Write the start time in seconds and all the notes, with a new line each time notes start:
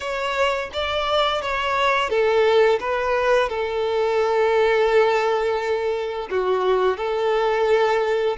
0.00 C#5
0.73 D5
1.41 C#5
2.09 A4
2.80 B4
3.49 A4
6.30 F#4
6.97 A4